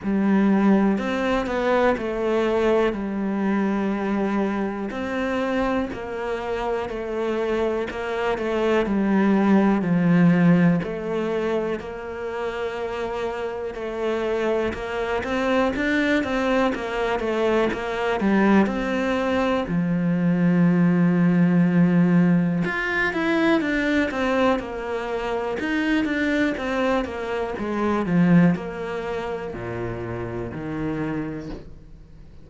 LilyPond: \new Staff \with { instrumentName = "cello" } { \time 4/4 \tempo 4 = 61 g4 c'8 b8 a4 g4~ | g4 c'4 ais4 a4 | ais8 a8 g4 f4 a4 | ais2 a4 ais8 c'8 |
d'8 c'8 ais8 a8 ais8 g8 c'4 | f2. f'8 e'8 | d'8 c'8 ais4 dis'8 d'8 c'8 ais8 | gis8 f8 ais4 ais,4 dis4 | }